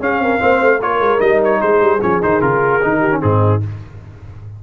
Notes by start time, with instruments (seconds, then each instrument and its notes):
0.00 tuba C#4, trombone C#4, horn G#4, trumpet F5
0.19 tuba C4, horn A#4
0.39 tuba A#3, trombone C4, horn C5
0.61 tuba A3
0.80 tuba A#3, trombone F4, horn A#4, trumpet C#5
1.00 tuba G#3
1.19 tuba G3, trombone D#4, trumpet D#5
1.44 trumpet C#5
1.61 tuba G#3, horn G#4, trumpet C5
1.81 tuba G3
2.02 tuba F3, trombone C#4, trumpet C#5
2.22 tuba D#3, trombone D#4, trumpet C5
2.41 tuba C#3, trombone F4, trumpet A#4
2.82 tuba D#3, trombone D#4
2.99 horn G4
3.11 trombone C#4
3.21 tuba G#2, trombone C4, horn D#4, trumpet G#4